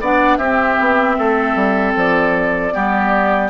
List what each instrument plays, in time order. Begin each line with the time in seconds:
0.00 bassoon B3, clarinet D4, oboe D5, flute F#5
0.37 bassoon C4, clarinet C4, oboe G4, flute E5
0.80 bassoon B3
1.18 bassoon A3, oboe A4
1.55 bassoon G3
1.95 bassoon F3, flute D5
2.72 bassoon G3, clarinet B3, oboe G4